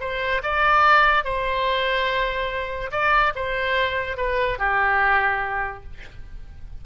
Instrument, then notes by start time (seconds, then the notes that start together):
oboe
0.00 C5
0.43 D5
1.24 C5
2.91 D5
3.35 C5
4.17 B4
4.58 G4